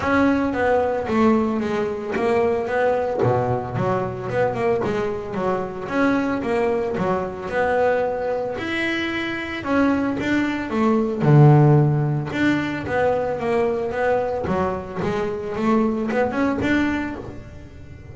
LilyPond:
\new Staff \with { instrumentName = "double bass" } { \time 4/4 \tempo 4 = 112 cis'4 b4 a4 gis4 | ais4 b4 b,4 fis4 | b8 ais8 gis4 fis4 cis'4 | ais4 fis4 b2 |
e'2 cis'4 d'4 | a4 d2 d'4 | b4 ais4 b4 fis4 | gis4 a4 b8 cis'8 d'4 | }